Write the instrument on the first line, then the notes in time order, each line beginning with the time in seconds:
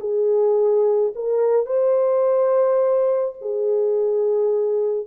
horn
0.00 G#4
1.15 A#4
1.66 C5
3.41 G#4